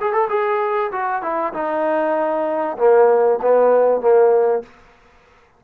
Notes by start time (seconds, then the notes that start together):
0.00 G#4
0.12 A4
0.29 G#4
0.92 F#4
1.22 E4
1.53 D#4
2.78 A#3
3.42 B3
4.01 A#3